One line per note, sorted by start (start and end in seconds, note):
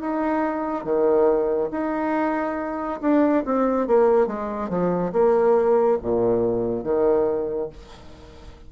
0.00 0.84 D#4
0.84 1.70 D#3
1.71 3.00 D#4
3.01 3.44 D4
3.45 3.88 C4
3.88 4.27 A#3
4.27 4.69 G#3
4.69 5.12 F3
5.12 5.98 A#3
6.02 6.84 A#2
6.84 7.69 D#3